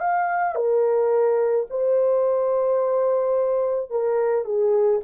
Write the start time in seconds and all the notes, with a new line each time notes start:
0.00 F5
0.55 A#4
1.70 C5
3.90 A#4
4.44 G#4